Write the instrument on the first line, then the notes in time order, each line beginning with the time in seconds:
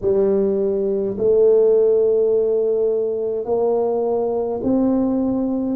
tuba
0.01 G3
1.17 A3
3.45 A#3
4.63 C4